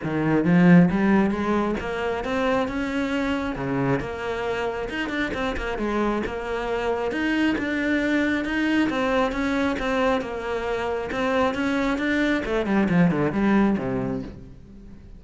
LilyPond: \new Staff \with { instrumentName = "cello" } { \time 4/4 \tempo 4 = 135 dis4 f4 g4 gis4 | ais4 c'4 cis'2 | cis4 ais2 dis'8 d'8 | c'8 ais8 gis4 ais2 |
dis'4 d'2 dis'4 | c'4 cis'4 c'4 ais4~ | ais4 c'4 cis'4 d'4 | a8 g8 f8 d8 g4 c4 | }